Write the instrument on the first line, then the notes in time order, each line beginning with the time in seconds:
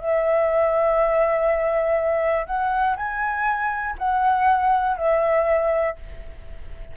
flute
0.00 E5
2.47 F#5
2.96 G#5
3.98 F#5
4.97 E5